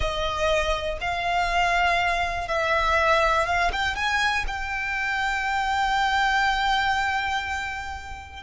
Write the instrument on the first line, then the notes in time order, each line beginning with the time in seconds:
violin
0.00 D#5
1.00 F5
2.47 E5
3.46 F5
3.72 G5
3.95 G#5
4.47 G5